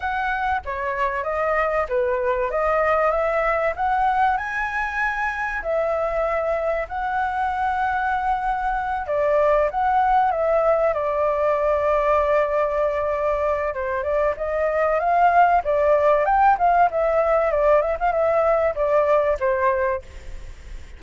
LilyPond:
\new Staff \with { instrumentName = "flute" } { \time 4/4 \tempo 4 = 96 fis''4 cis''4 dis''4 b'4 | dis''4 e''4 fis''4 gis''4~ | gis''4 e''2 fis''4~ | fis''2~ fis''8 d''4 fis''8~ |
fis''8 e''4 d''2~ d''8~ | d''2 c''8 d''8 dis''4 | f''4 d''4 g''8 f''8 e''4 | d''8 e''16 f''16 e''4 d''4 c''4 | }